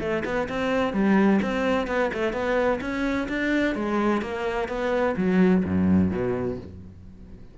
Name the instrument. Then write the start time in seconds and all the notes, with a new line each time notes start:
cello
0.00 A3
0.25 B3
0.49 C4
0.93 G3
1.42 C4
1.87 B3
2.14 A3
2.33 B3
2.81 C#4
3.28 D4
3.75 G#3
4.22 A#3
4.68 B3
5.17 F#3
5.64 F#2
6.11 B2